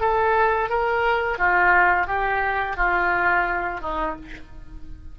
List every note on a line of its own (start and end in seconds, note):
0.00 0.69 A4
0.69 1.38 A#4
1.38 2.07 F4
2.07 2.77 G4
2.77 3.81 F4
3.81 4.16 D#4